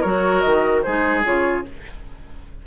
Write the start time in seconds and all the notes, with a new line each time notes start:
0.00 F#3 F#4 A#4 C#5
0.40 D#3 D#5
0.82 G#3 D#4 G#4 C5
1.23 C#3 F4 C#5